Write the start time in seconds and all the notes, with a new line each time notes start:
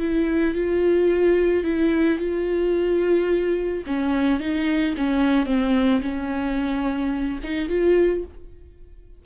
0.00 E4
0.55 F4
1.64 E4
2.19 F4
3.87 C#4
4.40 D#4
4.97 C#4
5.46 C4
6.02 C#4
7.44 D#4
7.69 F4